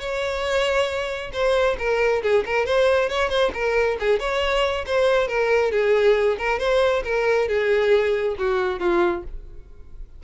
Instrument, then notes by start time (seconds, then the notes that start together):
violin
0.00 C#5
1.33 C5
1.79 A#4
2.23 G#4
2.46 A#4
2.66 C5
3.10 C#5
3.30 C5
3.54 A#4
4.00 G#4
4.20 C#5
4.87 C5
5.28 A#4
5.72 G#4
6.38 A#4
6.59 C5
7.05 A#4
7.48 G#4
8.38 F#4
8.80 F4